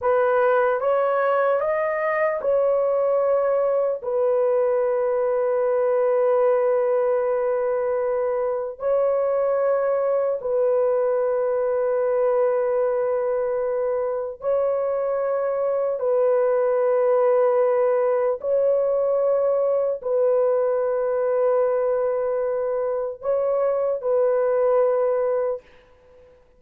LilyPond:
\new Staff \with { instrumentName = "horn" } { \time 4/4 \tempo 4 = 75 b'4 cis''4 dis''4 cis''4~ | cis''4 b'2.~ | b'2. cis''4~ | cis''4 b'2.~ |
b'2 cis''2 | b'2. cis''4~ | cis''4 b'2.~ | b'4 cis''4 b'2 | }